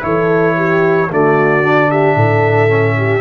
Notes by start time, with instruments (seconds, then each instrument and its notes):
0.00 tuba E3, trombone E4, horn A4, trumpet C#5
0.56 horn G4
1.10 tuba D3, trombone A3, horn F#4, trumpet D5
1.63 trombone D4
1.90 horn G4, trumpet E5
2.15 tuba A2, horn A4
2.68 trombone C#4
2.97 horn G4